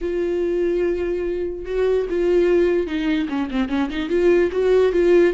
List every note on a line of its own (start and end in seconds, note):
0.01 1.65 F4
1.65 2.06 F#4
2.09 2.87 F4
2.87 3.28 D#4
3.28 3.49 C#4
3.51 3.69 C4
3.69 3.89 C#4
3.90 4.09 D#4
4.09 4.50 F4
4.51 4.92 F#4
4.92 5.33 F4